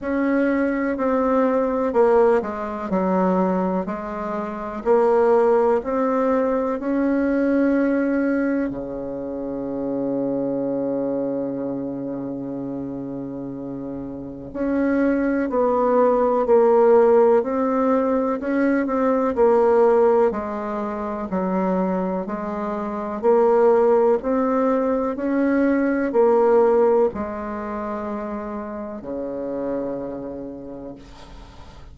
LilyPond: \new Staff \with { instrumentName = "bassoon" } { \time 4/4 \tempo 4 = 62 cis'4 c'4 ais8 gis8 fis4 | gis4 ais4 c'4 cis'4~ | cis'4 cis2.~ | cis2. cis'4 |
b4 ais4 c'4 cis'8 c'8 | ais4 gis4 fis4 gis4 | ais4 c'4 cis'4 ais4 | gis2 cis2 | }